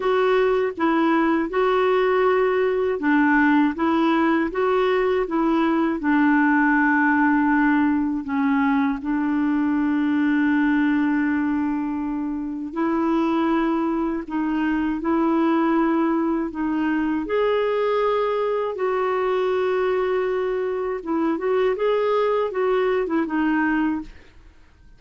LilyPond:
\new Staff \with { instrumentName = "clarinet" } { \time 4/4 \tempo 4 = 80 fis'4 e'4 fis'2 | d'4 e'4 fis'4 e'4 | d'2. cis'4 | d'1~ |
d'4 e'2 dis'4 | e'2 dis'4 gis'4~ | gis'4 fis'2. | e'8 fis'8 gis'4 fis'8. e'16 dis'4 | }